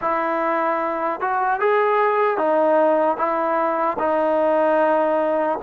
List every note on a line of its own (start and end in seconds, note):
0.01 1.20 E4
1.20 1.60 F#4
1.60 2.37 G#4
2.37 3.17 D#4
3.17 3.97 E4
3.99 5.59 D#4